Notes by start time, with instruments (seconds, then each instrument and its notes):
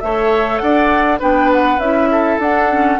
0.00 bassoon A3, clarinet A4, oboe C#5, flute E5
0.58 bassoon D4, oboe D5, flute F#5
1.19 bassoon B3, clarinet D4, oboe B4, flute G5
1.52 flute F#5
1.78 bassoon C#4, clarinet E4, flute E5
2.11 oboe A4
2.39 bassoon D4, clarinet D4, flute F#5
2.71 clarinet C#4